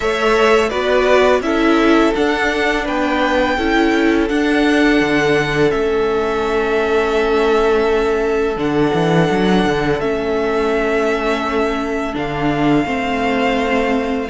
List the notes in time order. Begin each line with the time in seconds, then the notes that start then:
0.00 A3 A4 C#5 E5
0.69 B3 F#4 B4 D5
1.40 C#4 E4 A4 E5
2.14 D4 F#5
2.84 B3 B4 G5
3.57 C#4 E4 A4
4.28 D4 F#5
5.01 D3
5.70 A3 C#4 E5
8.56 D3 D4 F#5
8.93 E3
9.30 F#3
9.64 D3
10.00 A3 C#4 E5
12.13 D3 D4 F5
12.85 A3 C4 C5